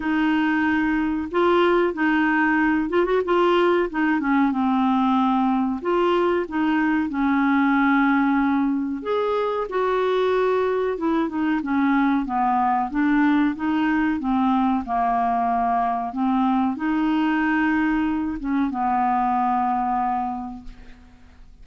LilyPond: \new Staff \with { instrumentName = "clarinet" } { \time 4/4 \tempo 4 = 93 dis'2 f'4 dis'4~ | dis'8 f'16 fis'16 f'4 dis'8 cis'8 c'4~ | c'4 f'4 dis'4 cis'4~ | cis'2 gis'4 fis'4~ |
fis'4 e'8 dis'8 cis'4 b4 | d'4 dis'4 c'4 ais4~ | ais4 c'4 dis'2~ | dis'8 cis'8 b2. | }